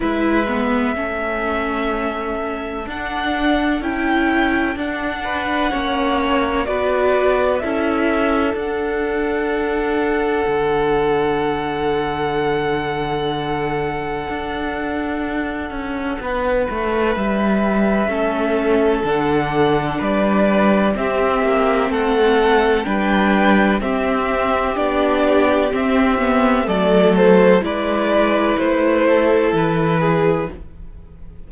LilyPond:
<<
  \new Staff \with { instrumentName = "violin" } { \time 4/4 \tempo 4 = 63 e''2. fis''4 | g''4 fis''2 d''4 | e''4 fis''2.~ | fis''1~ |
fis''2 e''2 | fis''4 d''4 e''4 fis''4 | g''4 e''4 d''4 e''4 | d''8 c''8 d''4 c''4 b'4 | }
  \new Staff \with { instrumentName = "violin" } { \time 4/4 b'4 a'2.~ | a'4. b'8 cis''4 b'4 | a'1~ | a'1~ |
a'4 b'2 a'4~ | a'4 b'4 g'4 a'4 | b'4 g'2. | a'4 b'4. a'4 gis'8 | }
  \new Staff \with { instrumentName = "viola" } { \time 4/4 e'8 b8 cis'2 d'4 | e'4 d'4 cis'4 fis'4 | e'4 d'2.~ | d'1~ |
d'2. cis'4 | d'2 c'2 | d'4 c'4 d'4 c'8 b8 | a4 e'2. | }
  \new Staff \with { instrumentName = "cello" } { \time 4/4 gis4 a2 d'4 | cis'4 d'4 ais4 b4 | cis'4 d'2 d4~ | d2. d'4~ |
d'8 cis'8 b8 a8 g4 a4 | d4 g4 c'8 ais8 a4 | g4 c'4 b4 c'4 | fis4 gis4 a4 e4 | }
>>